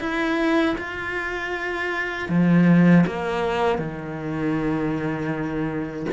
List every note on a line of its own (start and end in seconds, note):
0.00 0.76 E4
0.78 2.29 F4
2.29 3.05 F3
3.07 3.78 A#3
3.78 6.06 D#3